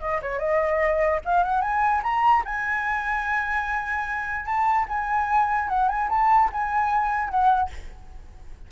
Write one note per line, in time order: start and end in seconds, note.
0.00 0.20 D#5
0.22 0.39 C#5
0.39 1.20 D#5
1.24 1.43 F5
1.43 1.61 F#5
1.61 2.01 G#5
2.03 2.43 A#5
2.45 4.45 G#5
4.45 4.85 A5
4.88 5.68 G#5
5.68 5.88 F#5
5.88 6.08 G#5
6.09 6.50 A5
6.52 7.29 G#5
7.29 7.69 F#5